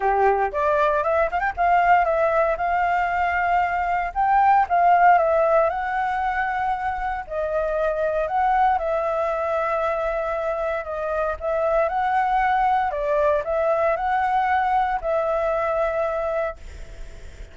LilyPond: \new Staff \with { instrumentName = "flute" } { \time 4/4 \tempo 4 = 116 g'4 d''4 e''8 f''16 g''16 f''4 | e''4 f''2. | g''4 f''4 e''4 fis''4~ | fis''2 dis''2 |
fis''4 e''2.~ | e''4 dis''4 e''4 fis''4~ | fis''4 d''4 e''4 fis''4~ | fis''4 e''2. | }